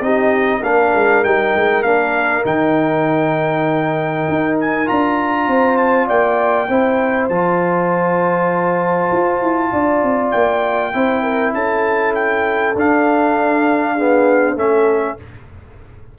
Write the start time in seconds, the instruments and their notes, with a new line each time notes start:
0.00 tuba C4, trombone D#4, horn G4, trumpet D#5
0.59 tuba A#3, trombone D4, horn A#4, trumpet F5
0.95 tuba G#3
1.24 tuba G3, trombone D#4, trumpet G5
1.55 tuba G#3
1.83 tuba A#3, trombone D4, trumpet F5
2.44 tuba D#3, trombone D#4, trumpet G5
4.29 tuba D#4
4.60 trumpet G#5
4.86 tuba D4, trombone F4, trumpet A#5
5.47 tuba C4, horn C5
5.77 trumpet A5
6.07 tuba A#3, horn D5, trumpet G5
6.69 tuba C4, trombone E4, horn C5
7.28 tuba F3, trombone F4, trumpet A5
9.12 tuba F4
9.41 tuba E4
9.72 tuba D4, horn D5
10.02 tuba C4
10.31 tuba A#3, trumpet G5
10.93 tuba C4, trombone E4, horn C5
11.23 horn A#4
11.53 tuba C#4, horn A4, trumpet A5
12.14 trumpet G5
12.75 tuba D4, trombone D4, trumpet F5
13.95 trombone B3, horn G#4
14.55 tuba A3, trombone C#4, horn A4, trumpet E5